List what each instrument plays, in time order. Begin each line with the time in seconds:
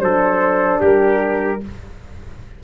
0.00 tuba F#3, horn D4, trumpet A4, flute C5
0.81 tuba G3, trumpet G4, flute A#4